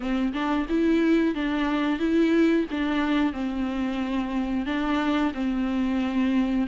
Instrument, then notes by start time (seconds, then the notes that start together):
viola
0.00 C4
0.33 D4
0.69 E4
1.35 D4
1.99 E4
2.71 D4
3.32 C4
4.65 D4
5.34 C4